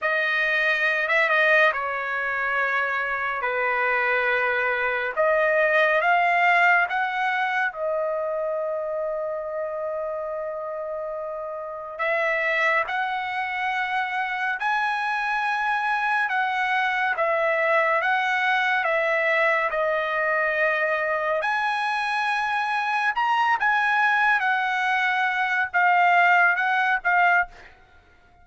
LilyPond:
\new Staff \with { instrumentName = "trumpet" } { \time 4/4 \tempo 4 = 70 dis''4~ dis''16 e''16 dis''8 cis''2 | b'2 dis''4 f''4 | fis''4 dis''2.~ | dis''2 e''4 fis''4~ |
fis''4 gis''2 fis''4 | e''4 fis''4 e''4 dis''4~ | dis''4 gis''2 ais''8 gis''8~ | gis''8 fis''4. f''4 fis''8 f''8 | }